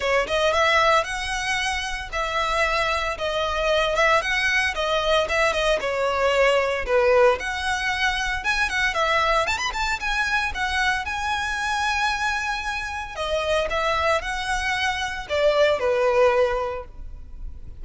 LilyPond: \new Staff \with { instrumentName = "violin" } { \time 4/4 \tempo 4 = 114 cis''8 dis''8 e''4 fis''2 | e''2 dis''4. e''8 | fis''4 dis''4 e''8 dis''8 cis''4~ | cis''4 b'4 fis''2 |
gis''8 fis''8 e''4 a''16 b''16 a''8 gis''4 | fis''4 gis''2.~ | gis''4 dis''4 e''4 fis''4~ | fis''4 d''4 b'2 | }